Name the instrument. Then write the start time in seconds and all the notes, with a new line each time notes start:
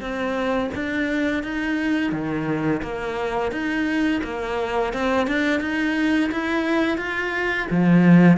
cello
0.00 C4
0.75 D4
1.43 D#4
2.12 D#3
2.82 A#3
3.51 D#4
4.24 A#3
4.93 C4
5.27 D4
5.60 D#4
6.31 E4
6.97 F4
7.70 F3